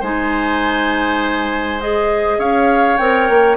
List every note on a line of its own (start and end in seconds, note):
0.00 2.38 G#3
0.00 1.80 D#4
0.00 2.38 C5
0.00 1.80 G#5
1.80 2.99 G#4
1.80 2.40 D#5
2.38 2.97 C#4
2.38 3.57 C#5
2.38 2.97 F5
2.97 3.29 C4
2.97 3.57 A#4
2.97 3.56 G5
3.29 3.57 A#3